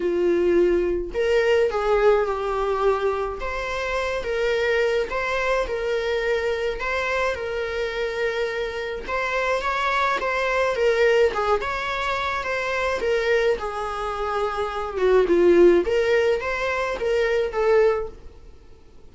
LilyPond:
\new Staff \with { instrumentName = "viola" } { \time 4/4 \tempo 4 = 106 f'2 ais'4 gis'4 | g'2 c''4. ais'8~ | ais'4 c''4 ais'2 | c''4 ais'2. |
c''4 cis''4 c''4 ais'4 | gis'8 cis''4. c''4 ais'4 | gis'2~ gis'8 fis'8 f'4 | ais'4 c''4 ais'4 a'4 | }